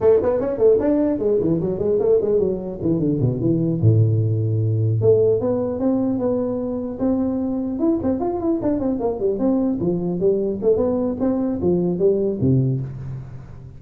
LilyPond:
\new Staff \with { instrumentName = "tuba" } { \time 4/4 \tempo 4 = 150 a8 b8 cis'8 a8 d'4 gis8 e8 | fis8 gis8 a8 gis8 fis4 e8 d8 | b,8 e4 a,2~ a,8~ | a,8 a4 b4 c'4 b8~ |
b4. c'2 e'8 | c'8 f'8 e'8 d'8 c'8 ais8 g8 c'8~ | c'8 f4 g4 a8 b4 | c'4 f4 g4 c4 | }